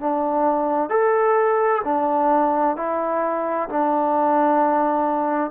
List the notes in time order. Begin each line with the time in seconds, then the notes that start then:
0.00 D4
0.90 A4
1.85 D4
2.77 E4
3.69 D4